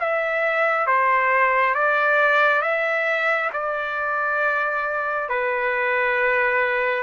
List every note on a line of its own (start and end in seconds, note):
0.00 0.87 E5
0.87 1.74 C5
1.74 2.62 D5
2.62 3.50 E5
3.53 5.29 D5
5.29 7.03 B4